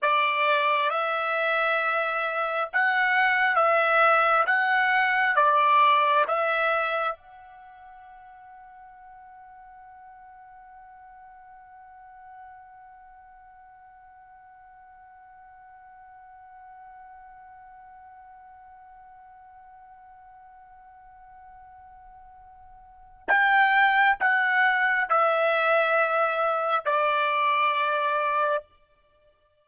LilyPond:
\new Staff \with { instrumentName = "trumpet" } { \time 4/4 \tempo 4 = 67 d''4 e''2 fis''4 | e''4 fis''4 d''4 e''4 | fis''1~ | fis''1~ |
fis''1~ | fis''1~ | fis''2 g''4 fis''4 | e''2 d''2 | }